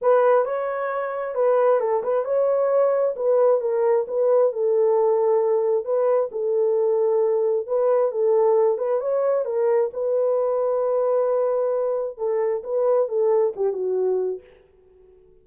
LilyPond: \new Staff \with { instrumentName = "horn" } { \time 4/4 \tempo 4 = 133 b'4 cis''2 b'4 | a'8 b'8 cis''2 b'4 | ais'4 b'4 a'2~ | a'4 b'4 a'2~ |
a'4 b'4 a'4. b'8 | cis''4 ais'4 b'2~ | b'2. a'4 | b'4 a'4 g'8 fis'4. | }